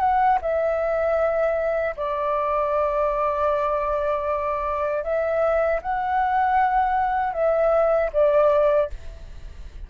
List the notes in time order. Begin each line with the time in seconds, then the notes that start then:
0.00 F#5
0.42 E5
1.97 D5
5.04 E5
5.83 F#5
7.33 E5
8.13 D5